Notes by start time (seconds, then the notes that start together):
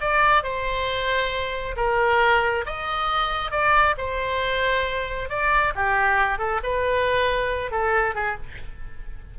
0.00 D5
0.43 C5
1.76 A#4
2.66 D#5
3.51 D5
3.97 C5
5.29 D5
5.75 G4
6.38 A4
6.63 B4
7.71 A4
8.15 G#4